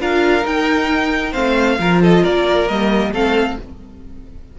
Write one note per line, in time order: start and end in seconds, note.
0.00 0.45 D4
0.00 0.43 F4
0.00 1.32 A#4
0.00 0.47 F5
0.43 1.33 D#4
0.43 1.36 D#4
0.43 1.33 G5
1.32 1.80 A3
1.32 1.79 C4
1.32 1.77 C5
1.32 2.01 F5
1.79 2.24 F3
1.79 2.69 F4
1.79 2.03 A#4
2.03 2.23 A4
2.03 2.25 D#5
2.23 2.70 A#3
2.23 3.12 A#4
2.23 2.69 D5
2.69 3.13 G3
2.69 3.15 A#3
2.69 3.14 D#5
3.13 3.57 A3
3.13 3.59 C4
3.13 3.58 A4
3.13 3.60 F5